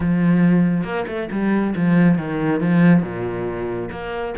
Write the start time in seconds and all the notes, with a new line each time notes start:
0.00 F3
0.84 A#3
1.07 A3
1.31 G3
1.75 F3
2.18 D#3
2.60 F3
3.02 A#2
3.91 A#3